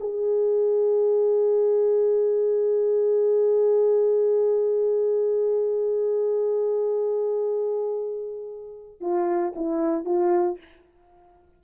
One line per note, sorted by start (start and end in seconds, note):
0.00 9.00 G#4
9.00 9.53 F4
9.55 10.05 E4
10.05 10.58 F4